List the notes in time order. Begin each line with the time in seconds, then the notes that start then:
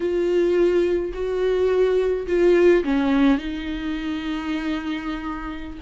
0.00 F4
1.13 F#4
2.27 F4
2.84 C#4
3.38 D#4